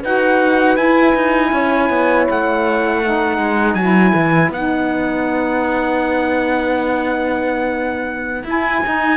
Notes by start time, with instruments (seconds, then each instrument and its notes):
0.00 cello D#4, saxophone F#4, horn B4, trumpet F#5
0.77 cello E4, saxophone E4, trumpet G#5
1.15 cello D#4
1.53 cello C#4, horn C#5
1.90 cello B3
2.31 cello A3, trumpet F#5
3.00 saxophone D#4, horn B4
3.38 cello G#3
3.75 cello F#3, saxophone E4, trumpet G#5
4.15 cello E3
4.50 cello B3, saxophone D#4, trumpet F#5
8.45 cello E4, saxophone E4, trumpet G#5
8.86 saxophone D#4, cello D#4